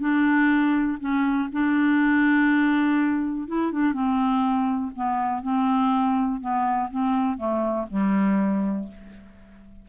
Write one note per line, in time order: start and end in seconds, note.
0.00 0.98 D4
1.00 1.49 C#4
1.52 3.48 D4
3.48 3.72 E4
3.72 3.93 D4
3.93 4.91 C4
4.95 5.43 B3
5.43 6.40 C4
6.40 6.90 B3
6.91 7.37 C4
7.37 7.86 A3
7.90 8.88 G3